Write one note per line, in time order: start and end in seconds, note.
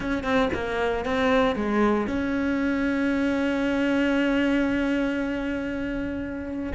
0.00 0.23 C#4
0.23 0.49 C4
0.53 1.05 A#3
1.05 1.55 C4
1.55 2.07 G#3
2.07 6.72 C#4